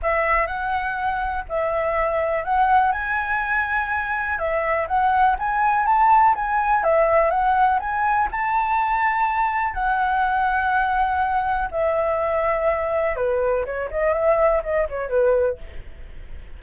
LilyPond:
\new Staff \with { instrumentName = "flute" } { \time 4/4 \tempo 4 = 123 e''4 fis''2 e''4~ | e''4 fis''4 gis''2~ | gis''4 e''4 fis''4 gis''4 | a''4 gis''4 e''4 fis''4 |
gis''4 a''2. | fis''1 | e''2. b'4 | cis''8 dis''8 e''4 dis''8 cis''8 b'4 | }